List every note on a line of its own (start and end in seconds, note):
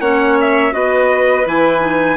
0.00 0.72 A#3
0.00 0.72 C#4
0.00 0.73 C#5
0.00 0.37 F#5
0.40 0.74 E5
0.72 1.46 B3
0.72 1.44 F#4
0.72 2.17 B4
0.72 1.46 D#5
1.46 2.17 E3
1.46 1.81 E4
1.46 2.17 G#5
1.81 2.17 D#4